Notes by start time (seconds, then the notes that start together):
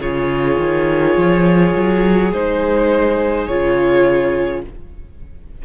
0.00 C#3 F4 G#4 C#5
0.58 D#3
1.16 F3
1.75 F#3
2.32 G#3 D#4 C5
3.47 C#3 F4 C#5